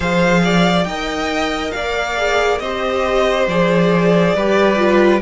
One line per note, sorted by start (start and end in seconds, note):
0.00 0.84 F3
0.00 0.87 G#4
0.00 0.41 C5
0.00 0.83 F5
0.44 0.87 D5
0.83 1.71 D#4
0.83 2.17 A#4
0.83 1.74 D#5
0.83 1.70 G5
1.71 2.60 A#3
1.71 2.62 D5
1.71 2.58 F5
2.17 2.61 G#4
2.59 3.47 C4
2.59 3.50 G4
2.59 4.34 C5
2.59 3.46 D#5
3.47 4.34 F3
3.47 4.37 G#4
3.47 5.21 D5
4.34 5.21 G3
4.34 4.76 G4
4.34 5.21 B4
4.76 5.20 F4